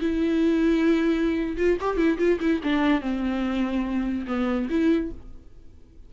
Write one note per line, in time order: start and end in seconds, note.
0.00 1.56 E4
1.56 1.77 F4
1.80 1.97 G4
1.97 2.18 E4
2.18 2.39 F4
2.40 2.61 E4
2.63 3.01 D4
3.01 4.26 C4
4.27 4.68 B3
4.70 5.11 E4